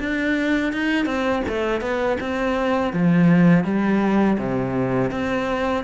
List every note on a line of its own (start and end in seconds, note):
0.00 0.73 D4
0.73 1.06 D#4
1.06 1.43 C4
1.48 1.81 A3
1.81 2.18 B3
2.21 2.93 C4
2.93 3.65 F3
3.65 4.38 G3
4.39 5.11 C3
5.11 5.84 C4